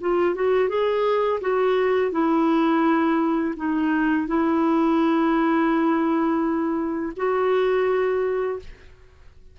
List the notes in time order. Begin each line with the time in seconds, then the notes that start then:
0.00 F4
0.35 F#4
0.69 G#4
1.41 F#4
2.11 E4
3.56 D#4
4.27 E4
7.16 F#4